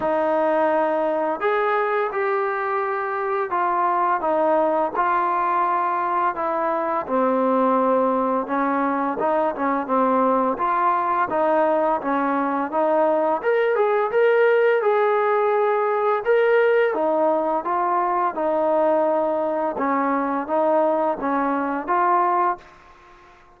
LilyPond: \new Staff \with { instrumentName = "trombone" } { \time 4/4 \tempo 4 = 85 dis'2 gis'4 g'4~ | g'4 f'4 dis'4 f'4~ | f'4 e'4 c'2 | cis'4 dis'8 cis'8 c'4 f'4 |
dis'4 cis'4 dis'4 ais'8 gis'8 | ais'4 gis'2 ais'4 | dis'4 f'4 dis'2 | cis'4 dis'4 cis'4 f'4 | }